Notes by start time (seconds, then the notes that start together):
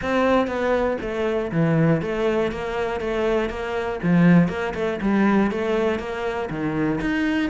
0.01 C4
0.47 B3
1.01 A3
1.51 E3
2.01 A3
2.51 A#3
3.00 A3
3.49 A#3
4.02 F3
4.48 A#3
4.74 A3
5.01 G3
5.51 A3
5.99 A#3
6.50 D#3
7.00 D#4